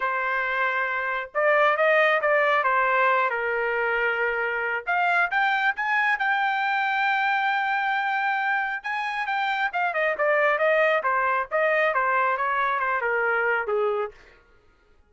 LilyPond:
\new Staff \with { instrumentName = "trumpet" } { \time 4/4 \tempo 4 = 136 c''2. d''4 | dis''4 d''4 c''4. ais'8~ | ais'2. f''4 | g''4 gis''4 g''2~ |
g''1 | gis''4 g''4 f''8 dis''8 d''4 | dis''4 c''4 dis''4 c''4 | cis''4 c''8 ais'4. gis'4 | }